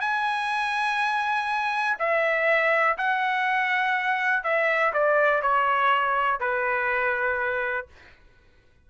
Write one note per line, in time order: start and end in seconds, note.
0.00 1.97 G#5
1.98 2.97 E5
2.97 4.43 F#5
4.43 4.92 E5
4.93 5.42 D5
5.42 6.39 C#5
6.39 7.87 B4